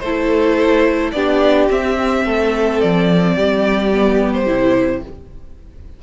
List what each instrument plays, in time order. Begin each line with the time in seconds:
0.00 cello A3, violin A4 C5
0.06 viola E4
1.12 cello B3, viola D4, violin G4 D5
1.70 cello C4, viola C4, violin E5
2.25 cello A3, violin A4
2.81 cello F3, violin D5
3.35 cello G3, violin G4
3.93 viola B3
4.33 violin C5
4.47 cello C3, viola E4